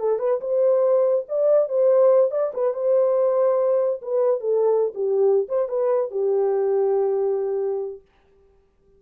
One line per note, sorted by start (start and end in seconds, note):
0.00 0.19 A4
0.19 0.40 B4
0.41 1.25 C5
1.29 1.69 D5
1.69 2.31 C5
2.31 2.52 D5
2.54 2.74 B4
2.74 4.01 C5
4.02 4.40 B4
4.40 4.93 A4
4.95 5.48 G4
5.49 5.69 C5
5.69 6.11 B4
6.11 8.01 G4